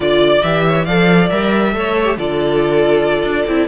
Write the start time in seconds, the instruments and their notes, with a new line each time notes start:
0.00 cello D3, viola F4, violin D5
0.42 cello E3, viola G4, violin E5
0.66 violin C#5
0.85 cello F3, viola A4, violin D5 F5
1.29 cello G3, viola A#4, violin E5
1.72 cello A3, viola A4, violin C#5
2.05 viola G4
2.17 cello D3, viola F4, violin A4 D5
3.23 cello D4
3.47 cello C4, viola E4